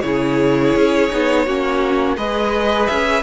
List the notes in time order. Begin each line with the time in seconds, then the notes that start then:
0.00 C#3 E4 G#4 C#5
0.75 C#4
1.10 B3 D#4
1.45 A#3 C#4 F#4
2.16 G#3 G#4 B4 D#5
2.87 C#4 E5